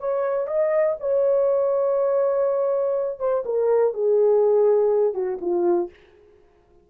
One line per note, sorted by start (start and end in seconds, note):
0.00 0.48 C#5
0.48 0.96 D#5
1.00 3.20 C#5
3.20 3.44 C5
3.45 3.94 A#4
3.94 5.15 G#4
5.15 5.39 F#4
5.41 5.90 F4